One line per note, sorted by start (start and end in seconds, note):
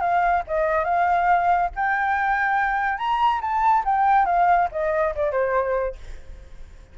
0.00 0.43 F5
0.47 0.84 D#5
0.84 1.69 F5
1.75 2.98 G5
2.98 3.40 A#5
3.41 3.83 A5
3.84 4.25 G5
4.25 4.68 F5
4.71 5.14 D#5
5.15 5.31 D5
5.31 5.95 C5